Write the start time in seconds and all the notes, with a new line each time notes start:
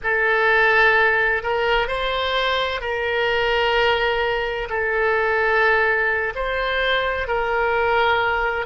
0.03 A4
1.43 A#4
1.87 C5
2.80 A#4
4.69 A4
6.35 C5
7.27 A#4